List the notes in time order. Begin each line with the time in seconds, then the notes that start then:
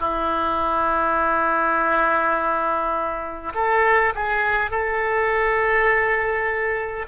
0.00 E4
3.55 A4
4.15 G#4
4.71 A4